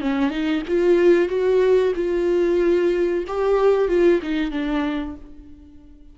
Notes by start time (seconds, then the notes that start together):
0.00 C#4
0.30 D#4
0.67 F4
1.28 F#4
1.95 F4
3.27 G4
3.88 F4
4.22 D#4
4.51 D4